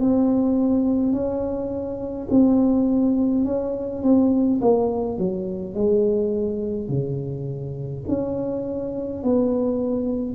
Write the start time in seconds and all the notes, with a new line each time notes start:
0.00 C4
1.12 C#4
2.30 C4
3.45 C#4
4.02 C4
4.62 A#3
5.18 F#3
5.75 G#3
6.89 C#3
8.08 C#4
9.24 B3